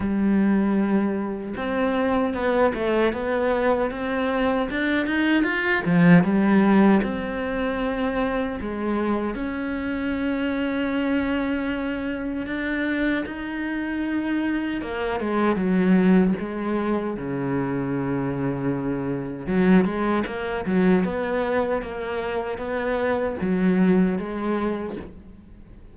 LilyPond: \new Staff \with { instrumentName = "cello" } { \time 4/4 \tempo 4 = 77 g2 c'4 b8 a8 | b4 c'4 d'8 dis'8 f'8 f8 | g4 c'2 gis4 | cis'1 |
d'4 dis'2 ais8 gis8 | fis4 gis4 cis2~ | cis4 fis8 gis8 ais8 fis8 b4 | ais4 b4 fis4 gis4 | }